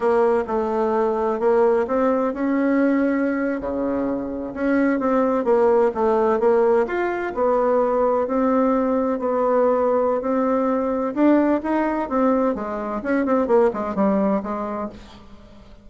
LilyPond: \new Staff \with { instrumentName = "bassoon" } { \time 4/4 \tempo 4 = 129 ais4 a2 ais4 | c'4 cis'2~ cis'8. cis16~ | cis4.~ cis16 cis'4 c'4 ais16~ | ais8. a4 ais4 f'4 b16~ |
b4.~ b16 c'2 b16~ | b2 c'2 | d'4 dis'4 c'4 gis4 | cis'8 c'8 ais8 gis8 g4 gis4 | }